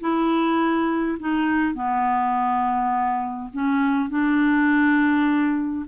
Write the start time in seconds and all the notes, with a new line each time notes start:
0.00 E4
1.19 D#4
1.74 B3
3.53 C#4
4.09 D4